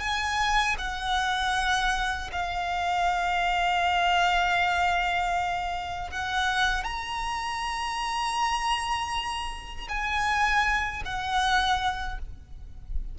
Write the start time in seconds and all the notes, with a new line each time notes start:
0.00 G#5
0.79 F#5
2.33 F5
6.11 F#5
6.84 A#5
9.89 G#5
11.05 F#5